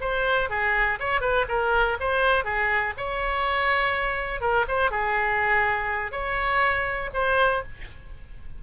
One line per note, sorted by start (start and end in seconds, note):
0.00 0.49 C5
0.49 0.99 G#4
0.99 1.20 C#5
1.20 1.45 B4
1.48 1.97 A#4
2.00 2.44 C5
2.44 2.93 G#4
2.97 4.41 C#5
4.41 4.65 A#4
4.67 4.91 C5
4.91 6.11 G#4
6.11 7.10 C#5
7.13 7.63 C5